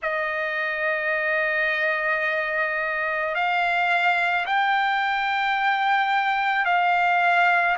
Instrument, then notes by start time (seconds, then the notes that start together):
trumpet
0.02 D#5
3.34 F5
4.45 G5
6.65 F5